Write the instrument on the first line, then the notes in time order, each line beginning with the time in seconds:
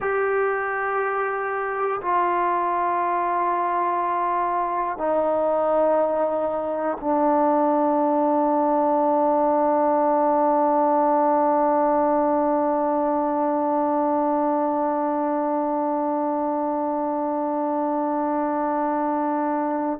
trombone
0.00 G4
2.01 F4
4.97 D#4
7.00 D4